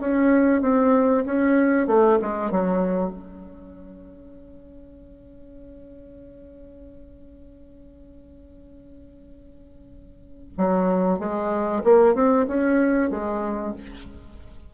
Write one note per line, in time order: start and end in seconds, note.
0.00 0.61 C#4
0.61 1.24 C4
1.25 1.87 C#4
1.87 2.18 A3
2.21 2.51 G#3
2.51 3.10 F#3
3.10 10.52 C#4
10.57 11.19 F#3
11.19 11.82 G#3
11.84 12.14 A#3
12.14 12.46 C4
12.47 13.10 C#4
13.10 13.73 G#3